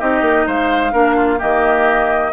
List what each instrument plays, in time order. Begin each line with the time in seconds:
0.00 bassoon C4, clarinet D#4, oboe G4, flute D#5
0.22 bassoon A#3
0.47 bassoon G#3, oboe C5, flute F5
0.92 bassoon A#3, clarinet D4, oboe A#4
1.16 oboe F4
1.39 bassoon D#3, clarinet A#3, oboe G4, flute D#5